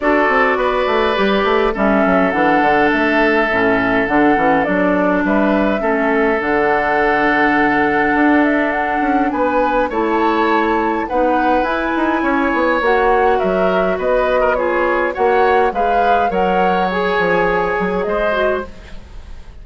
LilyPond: <<
  \new Staff \with { instrumentName = "flute" } { \time 4/4 \tempo 4 = 103 d''2. e''4 | fis''4 e''2 fis''4 | d''4 e''2 fis''4~ | fis''2~ fis''8 e''8 fis''4 |
gis''4 a''2 fis''4 | gis''2 fis''4 e''4 | dis''4 cis''4 fis''4 f''4 | fis''4 gis''2 dis''4 | }
  \new Staff \with { instrumentName = "oboe" } { \time 4/4 a'4 b'2 a'4~ | a'1~ | a'4 b'4 a'2~ | a'1 |
b'4 cis''2 b'4~ | b'4 cis''2 ais'4 | b'8. ais'16 gis'4 cis''4 b'4 | cis''2. c''4 | }
  \new Staff \with { instrumentName = "clarinet" } { \time 4/4 fis'2 g'4 cis'4 | d'2 cis'4 d'8 cis'8 | d'2 cis'4 d'4~ | d'1~ |
d'4 e'2 dis'4 | e'2 fis'2~ | fis'4 f'4 fis'4 gis'4 | ais'4 gis'2~ gis'8 fis'8 | }
  \new Staff \with { instrumentName = "bassoon" } { \time 4/4 d'8 c'8 b8 a8 g8 a8 g8 fis8 | e8 d8 a4 a,4 d8 e8 | fis4 g4 a4 d4~ | d2 d'4. cis'8 |
b4 a2 b4 | e'8 dis'8 cis'8 b8 ais4 fis4 | b2 ais4 gis4 | fis4. f4 fis8 gis4 | }
>>